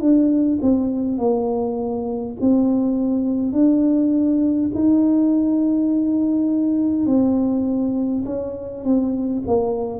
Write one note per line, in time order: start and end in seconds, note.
0.00 0.59 D4
0.61 1.18 C4
1.18 2.35 A#3
2.41 3.52 C4
3.52 4.70 D4
4.75 7.06 D#4
7.06 8.24 C4
8.25 8.84 C#4
8.84 9.43 C4
9.47 9.99 A#3